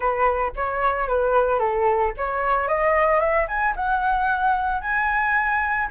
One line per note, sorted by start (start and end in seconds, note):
0.00 0.52 B4
0.56 1.08 C#5
1.08 1.59 B4
1.59 2.12 A4
2.17 2.68 C#5
2.68 3.19 D#5
3.19 3.46 E5
3.48 3.75 G#5
3.75 4.81 F#5
4.81 5.88 G#5